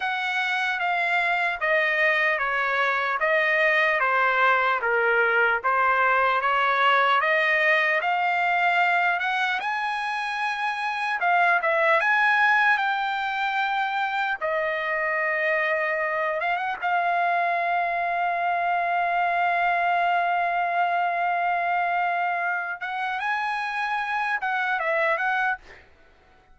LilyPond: \new Staff \with { instrumentName = "trumpet" } { \time 4/4 \tempo 4 = 75 fis''4 f''4 dis''4 cis''4 | dis''4 c''4 ais'4 c''4 | cis''4 dis''4 f''4. fis''8 | gis''2 f''8 e''8 gis''4 |
g''2 dis''2~ | dis''8 f''16 fis''16 f''2.~ | f''1~ | f''8 fis''8 gis''4. fis''8 e''8 fis''8 | }